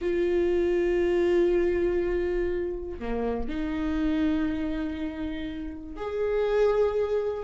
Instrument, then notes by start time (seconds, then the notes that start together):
viola
0.01 F4
2.99 A#3
3.48 D#4
5.96 G#4